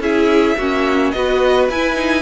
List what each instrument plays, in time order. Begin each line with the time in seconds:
0.00 cello C#4, viola E4, violin G#4 E5
0.57 cello A#3, viola C#4, violin F#4
1.11 cello B3, viola F#4, violin B4 D#5
1.69 cello E4, viola E4, violin G#5
1.95 viola D#4